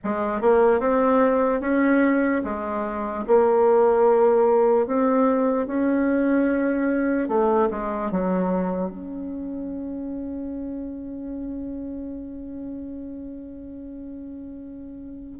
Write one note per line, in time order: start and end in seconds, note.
0.04 0.41 G#3
0.41 0.80 A#3
0.80 1.60 C4
1.60 2.41 C#4
2.43 3.24 G#3
3.27 4.86 A#3
4.86 5.66 C4
5.66 7.28 C#4
7.28 7.68 A3
7.70 8.11 G#3
8.11 8.90 F#3
8.90 15.39 C#4